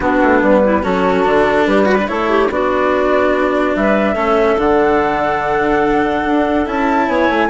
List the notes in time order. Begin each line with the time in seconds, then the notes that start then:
0.00 B3 D4 F#4
0.22 A3
0.41 G3 B4
0.64 E4
0.82 F#3 C#4 F#4 A4
1.24 D3 D4
1.66 G3 G4 B4
1.85 F#4 B4
1.97 D4
2.07 A3 E4 A4 C#5
2.29 G4
2.49 B3 D4 F#4 D5
3.75 G3 B4 E5
4.14 A3 C#4 A4
4.58 D3 D4 F#5
6.26 D4
6.66 C#4 E4 A5
7.07 B3 C#5 G#5
7.29 A3